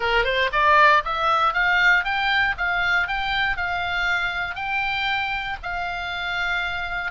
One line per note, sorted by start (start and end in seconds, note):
0.00 0.24 A#4
0.24 0.49 C5
0.52 1.03 D5
1.04 1.53 E5
1.53 2.04 F5
2.04 2.55 G5
2.57 3.07 F5
3.07 3.57 G5
3.57 4.55 F5
4.55 5.57 G5
5.62 7.11 F5